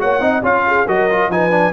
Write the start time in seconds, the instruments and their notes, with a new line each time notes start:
0.00 tuba A#3, trombone F#4, horn C#5, trumpet F#5
0.21 tuba C4, trombone D#4, horn D#5
0.43 tuba C#4, trombone F4, horn C#5, trumpet F5
0.67 horn G#4
0.88 tuba F#3, trombone F#4, horn A#4, trumpet D#5
1.11 trombone F4
1.29 tuba F3, trombone D#4, horn B4, trumpet G#5
1.51 trombone D4